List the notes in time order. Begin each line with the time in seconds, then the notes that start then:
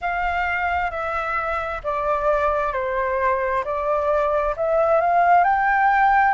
0.01 F5
0.90 E5
1.83 D5
2.73 C5
3.64 D5
4.56 E5
5.00 F5
5.43 G5